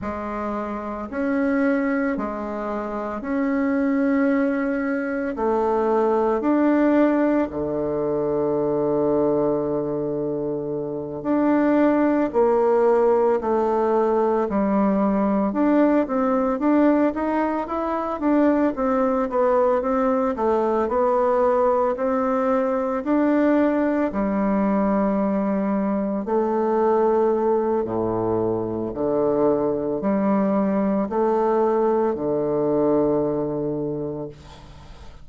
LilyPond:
\new Staff \with { instrumentName = "bassoon" } { \time 4/4 \tempo 4 = 56 gis4 cis'4 gis4 cis'4~ | cis'4 a4 d'4 d4~ | d2~ d8 d'4 ais8~ | ais8 a4 g4 d'8 c'8 d'8 |
dis'8 e'8 d'8 c'8 b8 c'8 a8 b8~ | b8 c'4 d'4 g4.~ | g8 a4. a,4 d4 | g4 a4 d2 | }